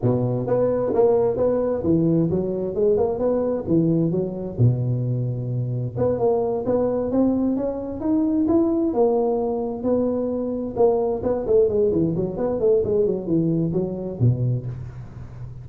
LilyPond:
\new Staff \with { instrumentName = "tuba" } { \time 4/4 \tempo 4 = 131 b,4 b4 ais4 b4 | e4 fis4 gis8 ais8 b4 | e4 fis4 b,2~ | b,4 b8 ais4 b4 c'8~ |
c'8 cis'4 dis'4 e'4 ais8~ | ais4. b2 ais8~ | ais8 b8 a8 gis8 e8 fis8 b8 a8 | gis8 fis8 e4 fis4 b,4 | }